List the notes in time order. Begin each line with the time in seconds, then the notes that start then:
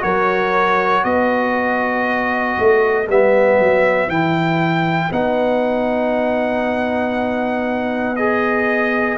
0.00 F#3 F#4 A#4 C#5
1.04 B3 B4 D#5
2.58 A3
3.07 G3 B3 E5
3.60 F#3
4.08 E3 E4 G5
5.11 B3 D#4 F#5
8.16 G#4 D#5